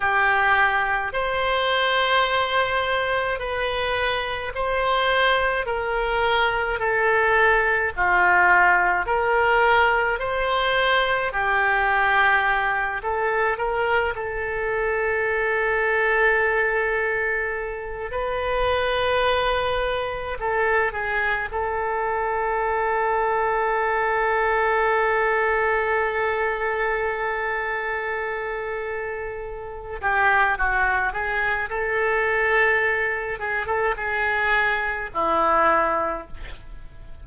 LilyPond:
\new Staff \with { instrumentName = "oboe" } { \time 4/4 \tempo 4 = 53 g'4 c''2 b'4 | c''4 ais'4 a'4 f'4 | ais'4 c''4 g'4. a'8 | ais'8 a'2.~ a'8 |
b'2 a'8 gis'8 a'4~ | a'1~ | a'2~ a'8 g'8 fis'8 gis'8 | a'4. gis'16 a'16 gis'4 e'4 | }